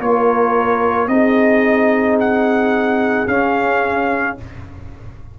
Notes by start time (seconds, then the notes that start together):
0.00 A#3 F4 A#4 C#5
1.07 C4 D#4 G#4 D#5
2.20 F#5
3.27 C#4 F5